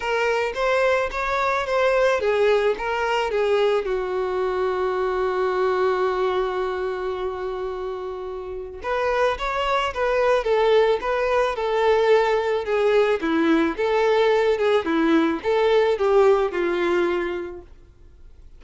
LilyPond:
\new Staff \with { instrumentName = "violin" } { \time 4/4 \tempo 4 = 109 ais'4 c''4 cis''4 c''4 | gis'4 ais'4 gis'4 fis'4~ | fis'1~ | fis'1 |
b'4 cis''4 b'4 a'4 | b'4 a'2 gis'4 | e'4 a'4. gis'8 e'4 | a'4 g'4 f'2 | }